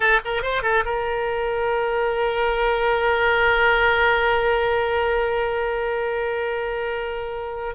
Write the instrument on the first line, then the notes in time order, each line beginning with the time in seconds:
oboe
0.00 A4
0.24 A#4
0.42 C5
0.62 A4
0.85 A#4